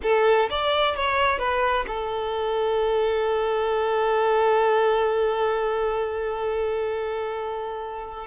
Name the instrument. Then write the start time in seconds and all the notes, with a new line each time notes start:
violin
0.02 A4
0.49 D5
0.96 C#5
1.38 B4
1.87 A4